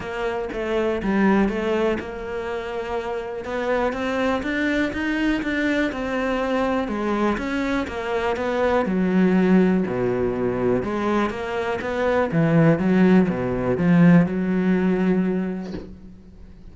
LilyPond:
\new Staff \with { instrumentName = "cello" } { \time 4/4 \tempo 4 = 122 ais4 a4 g4 a4 | ais2. b4 | c'4 d'4 dis'4 d'4 | c'2 gis4 cis'4 |
ais4 b4 fis2 | b,2 gis4 ais4 | b4 e4 fis4 b,4 | f4 fis2. | }